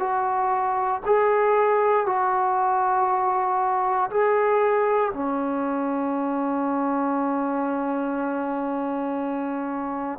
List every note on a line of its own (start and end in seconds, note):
0.00 1.02 F#4
1.06 2.07 G#4
2.07 4.10 F#4
4.10 5.12 G#4
5.13 10.20 C#4